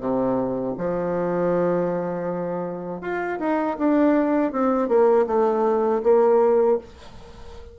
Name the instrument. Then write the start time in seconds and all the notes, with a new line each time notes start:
bassoon
0.00 C3
0.78 F3
3.01 F4
3.39 D#4
3.78 D4
4.52 C4
4.88 A#3
5.27 A3
6.03 A#3